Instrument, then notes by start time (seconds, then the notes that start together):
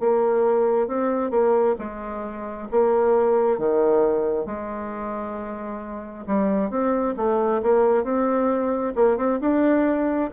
bassoon
0.00 A#3
0.88 C4
1.31 A#3
1.79 G#3
2.71 A#3
3.58 D#3
4.46 G#3
6.27 G3
6.70 C4
7.17 A3
7.62 A#3
8.04 C4
8.96 A#3
9.17 C4
9.41 D4